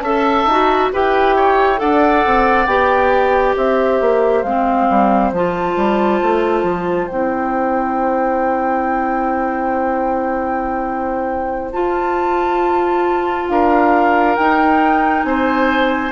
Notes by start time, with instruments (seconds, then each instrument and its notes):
0.00 bassoon C#4, clarinet A4, oboe E5, flute A5
0.46 bassoon D#4, clarinet F#4
0.92 bassoon E4, clarinet G4, oboe B4, flute G5
1.36 oboe C#5
1.77 bassoon D4, clarinet A4, oboe D5, flute F#5
2.25 bassoon C4
2.66 bassoon B3, clarinet G4, flute G5
3.56 bassoon C4, oboe C5, flute E5
4.00 bassoon A#3
4.43 bassoon G#3, clarinet C4, flute F5
4.89 bassoon G3
5.31 bassoon F3, clarinet F4, flute A5
5.76 bassoon G3
6.22 bassoon A3
6.62 bassoon F3
7.07 bassoon C4, clarinet E4, flute G5
11.72 bassoon F4, clarinet F4, flute A5
13.48 bassoon D4, oboe A#4, flute F5
14.35 bassoon D#4, clarinet D#4, flute G5
15.23 bassoon C4, oboe C5, flute G#5